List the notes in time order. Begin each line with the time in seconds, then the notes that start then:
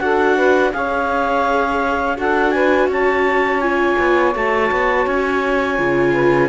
0.00 D4 F#4 A4 F#5
0.36 B4
0.73 C#4 G#4 C#5 F5
2.17 D4 F#4 A4 F#5
2.51 B4 G#5
2.88 C#4 C#5 A5
3.61 F4 G#5
3.99 B3
4.35 A3 F#4 A5
4.72 B3
5.07 C#4 G#5
5.78 C#3 F4
6.13 B4